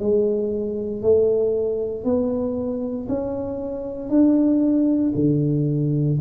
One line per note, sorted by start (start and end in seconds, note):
0.00 1.03 G#3
1.03 2.05 A3
2.05 3.08 B3
3.09 4.10 C#4
4.10 5.13 D4
5.15 6.19 D3